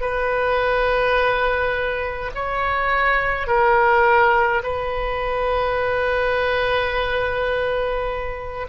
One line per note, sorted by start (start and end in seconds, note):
0.00 2.31 B4
2.34 3.47 C#5
3.47 4.62 A#4
4.63 8.67 B4